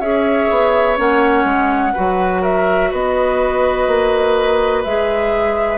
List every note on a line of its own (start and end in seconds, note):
0.00 0.49 C#4
0.00 0.96 G#4
0.00 1.93 C#5
0.00 0.97 E5
0.50 0.98 B3
0.96 1.44 A#3
0.96 1.93 C#4
0.96 2.43 F#5
1.44 1.92 G#3
1.93 2.92 F#3
1.93 4.85 F#4
1.93 2.41 B4
2.41 2.90 A#4
2.41 2.91 E5
2.90 3.87 B3
2.90 5.78 B4
2.90 4.83 D#5
3.87 4.84 A#3
4.83 5.78 G#3
4.83 5.78 G#4
4.83 5.78 E5